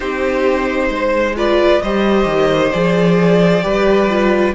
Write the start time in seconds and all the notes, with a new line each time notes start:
0.00 C4 D#4 G4 C5
0.89 G#3 C5
1.36 F4 B4 D5
1.82 G3 G4 C5 D#5
2.25 D#3
2.72 F3 G#4 D5
3.62 G3 G4 B4
4.09 F4